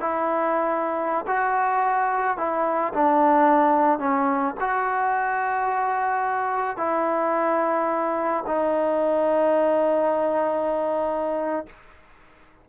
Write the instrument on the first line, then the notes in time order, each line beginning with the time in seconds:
trombone
0.00 E4
1.27 F#4
2.37 E4
2.94 D4
3.99 C#4
4.60 F#4
6.77 E4
8.46 D#4